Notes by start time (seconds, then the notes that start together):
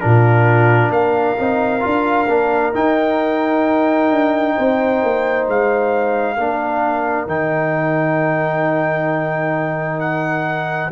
0.00 A#2 D4 F4 A#4
0.89 A#3 A#4 F5
1.37 C4 D#4
1.80 D4 F4
2.28 A#3 D4
2.73 D#4 G5
4.10 D4
4.55 C4 C5
5.02 A#3
5.48 G#3 F5
6.36 A#3 D4 A#4
7.27 D#3 D#4 G5
9.99 F#5